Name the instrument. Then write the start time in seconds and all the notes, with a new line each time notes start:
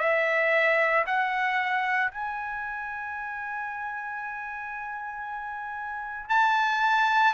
trumpet
0.00 E5
1.07 F#5
2.12 G#5
6.30 A5